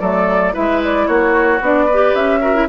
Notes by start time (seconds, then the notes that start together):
0.00 F#3 A3 A4 D5
0.53 G#3 E4 B4 E5
0.84 D5
1.07 A#3 F#4 C#5
1.60 B3 D4 D5
1.86 B4
1.92 G4
2.15 C#4 E5
2.41 F#4 A#4
2.54 E4